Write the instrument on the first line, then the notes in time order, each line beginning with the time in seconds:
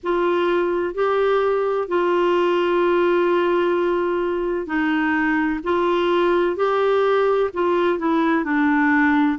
clarinet
0.03 F4
0.94 G4
1.87 F4
4.66 D#4
5.63 F4
6.56 G4
7.53 F4
7.98 E4
8.44 D4